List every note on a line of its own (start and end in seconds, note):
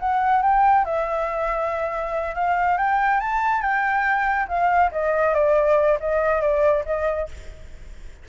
0.00 0.43 F#5
0.43 0.85 G5
0.85 2.35 E5
2.35 2.78 F5
2.78 3.20 G5
3.20 3.62 A5
3.62 4.47 G5
4.48 4.91 F5
4.92 5.34 D#5
5.34 5.99 D5
6.00 6.41 D#5
6.41 6.84 D5
6.86 7.29 D#5